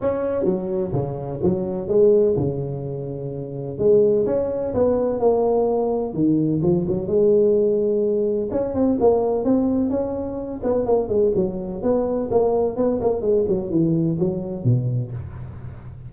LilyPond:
\new Staff \with { instrumentName = "tuba" } { \time 4/4 \tempo 4 = 127 cis'4 fis4 cis4 fis4 | gis4 cis2. | gis4 cis'4 b4 ais4~ | ais4 dis4 f8 fis8 gis4~ |
gis2 cis'8 c'8 ais4 | c'4 cis'4. b8 ais8 gis8 | fis4 b4 ais4 b8 ais8 | gis8 fis8 e4 fis4 b,4 | }